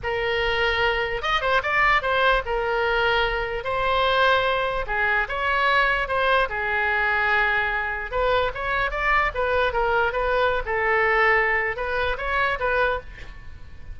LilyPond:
\new Staff \with { instrumentName = "oboe" } { \time 4/4 \tempo 4 = 148 ais'2. dis''8 c''8 | d''4 c''4 ais'2~ | ais'4 c''2. | gis'4 cis''2 c''4 |
gis'1 | b'4 cis''4 d''4 b'4 | ais'4 b'4~ b'16 a'4.~ a'16~ | a'4 b'4 cis''4 b'4 | }